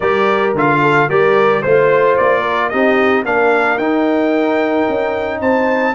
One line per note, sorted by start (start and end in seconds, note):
0.00 0.54 G3
0.00 0.56 G4
0.00 0.79 A#4
0.00 0.54 D5
0.54 1.08 D3
0.54 1.09 F4
0.54 1.09 F5
0.81 1.08 A4
1.08 1.64 G3
1.08 1.63 G4
1.08 1.61 A#4
1.08 1.62 D5
1.61 2.18 A3
1.61 2.72 F4
1.61 2.40 C5
1.61 2.16 C5
2.16 2.73 A#3
2.16 2.69 D5
2.40 2.67 A#4
2.69 3.24 C4
2.69 3.25 D#4
2.69 3.25 G4
2.69 3.23 D#5
3.24 3.77 A#3
3.24 3.79 D4
3.24 5.39 A#4
3.24 3.78 F5
3.77 4.85 D#4
3.77 5.94 D#4
3.77 5.40 G5
4.88 5.40 C#4
5.39 5.94 C4
5.39 5.93 C5
5.39 5.94 A5